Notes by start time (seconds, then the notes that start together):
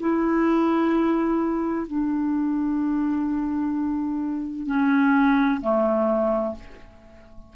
0.00 E4
1.87 D4
4.67 C#4
5.62 A3